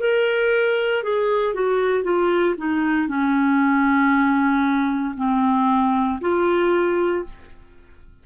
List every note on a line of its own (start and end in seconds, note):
0.00 1.03 A#4
1.04 1.54 G#4
1.54 2.04 F#4
2.04 2.56 F4
2.58 3.08 D#4
3.08 5.15 C#4
5.17 6.20 C4
6.21 7.25 F4